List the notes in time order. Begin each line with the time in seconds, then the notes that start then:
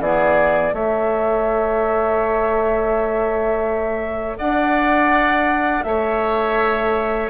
0.00 E3 B3 G#4 D5
0.73 A3 A4 C#5 E5
4.38 D4 D5 F#5
5.84 A3 C#5 E5